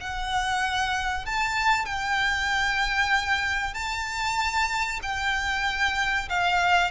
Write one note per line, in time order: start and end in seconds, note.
0.00 1.25 F#5
1.25 1.85 A5
1.85 3.73 G5
3.73 5.00 A5
5.02 6.28 G5
6.29 6.90 F5